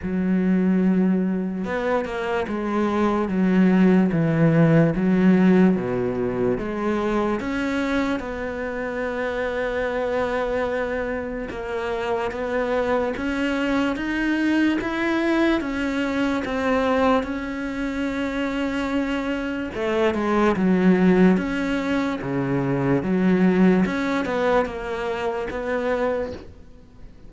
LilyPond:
\new Staff \with { instrumentName = "cello" } { \time 4/4 \tempo 4 = 73 fis2 b8 ais8 gis4 | fis4 e4 fis4 b,4 | gis4 cis'4 b2~ | b2 ais4 b4 |
cis'4 dis'4 e'4 cis'4 | c'4 cis'2. | a8 gis8 fis4 cis'4 cis4 | fis4 cis'8 b8 ais4 b4 | }